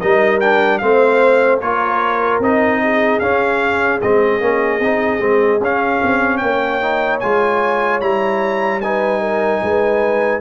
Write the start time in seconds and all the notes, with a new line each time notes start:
0.00 G3 D#4 A#4 D#5
0.40 D4 G5
0.78 A3 C4 C5 F5
1.61 A#3 F4 A#4 C#5
2.40 C4 D#4 D#5
2.84 G#4
3.20 C#4 F5
4.02 G#3 C4 D#5
4.41 A#3 C#4
4.79 C4 D#4
5.20 G#3 C4
5.60 C#4 F5
6.03 C4
6.37 A#3 C#5 G5
6.81 D#4
7.20 G#3 F4 G#5
8.01 G3 E4 A#5
8.81 D#4 B4 G#5
9.21 A#4
9.62 G#3 B4